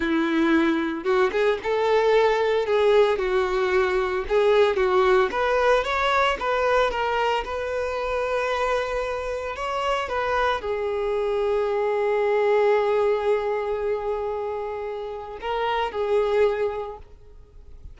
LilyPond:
\new Staff \with { instrumentName = "violin" } { \time 4/4 \tempo 4 = 113 e'2 fis'8 gis'8 a'4~ | a'4 gis'4 fis'2 | gis'4 fis'4 b'4 cis''4 | b'4 ais'4 b'2~ |
b'2 cis''4 b'4 | gis'1~ | gis'1~ | gis'4 ais'4 gis'2 | }